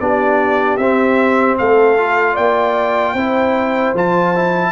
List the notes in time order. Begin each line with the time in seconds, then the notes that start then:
0.00 B3 D4 G4 D5
0.77 C4 E5
1.58 A3 A4 F5
1.98 F4
2.34 A#3 D5 G5
3.14 C4 E4 C5
3.94 F3 F4 A5
4.35 E4